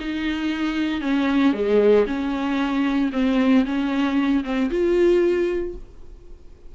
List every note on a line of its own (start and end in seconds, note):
0.00 1.01 D#4
1.01 1.53 C#4
1.53 2.05 G#3
2.07 3.11 C#4
3.13 3.65 C4
3.65 4.44 C#4
4.44 4.70 C4
4.71 5.75 F4